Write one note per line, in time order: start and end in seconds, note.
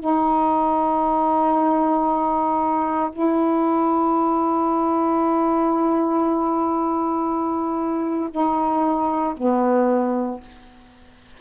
0.00 3.10 D#4
3.12 8.29 E4
8.31 9.34 D#4
9.37 10.40 B3